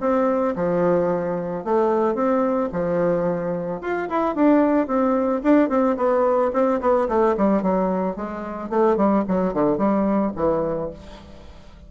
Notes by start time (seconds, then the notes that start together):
0.00 C4
0.55 F3
1.64 A3
2.14 C4
2.72 F3
3.81 F4
4.09 E4
4.35 D4
4.87 C4
5.43 D4
5.69 C4
5.97 B3
6.53 C4
6.80 B3
7.08 A3
7.37 G3
7.62 F#3
8.16 G#3
8.69 A3
8.96 G3
9.27 F#3
9.53 D3
9.77 G3
10.35 E3